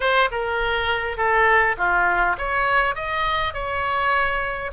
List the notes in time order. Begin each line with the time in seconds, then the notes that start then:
0.00 C5
0.31 A#4
1.17 A4
1.77 F4
2.38 C#5
2.95 D#5
3.53 C#5